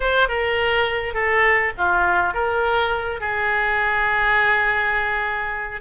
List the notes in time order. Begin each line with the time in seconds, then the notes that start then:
0.00 C5
0.28 A#4
1.14 A4
1.77 F4
2.34 A#4
3.20 G#4